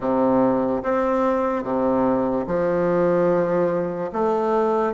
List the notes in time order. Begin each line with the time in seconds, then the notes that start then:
0.00 C3
0.83 C4
1.63 C3
2.47 F3
4.12 A3